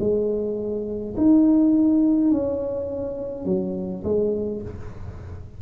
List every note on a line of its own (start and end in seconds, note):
0.00 1.15 G#3
1.17 2.31 D#4
2.31 3.46 C#4
3.46 4.03 F#3
4.04 4.62 G#3